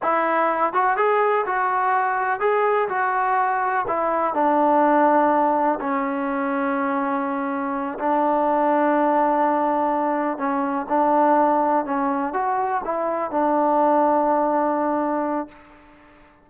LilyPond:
\new Staff \with { instrumentName = "trombone" } { \time 4/4 \tempo 4 = 124 e'4. fis'8 gis'4 fis'4~ | fis'4 gis'4 fis'2 | e'4 d'2. | cis'1~ |
cis'8 d'2.~ d'8~ | d'4. cis'4 d'4.~ | d'8 cis'4 fis'4 e'4 d'8~ | d'1 | }